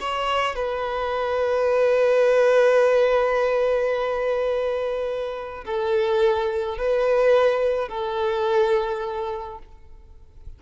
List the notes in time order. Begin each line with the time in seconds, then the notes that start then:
0.00 C#5
0.55 B4
5.65 A4
6.77 B4
7.88 A4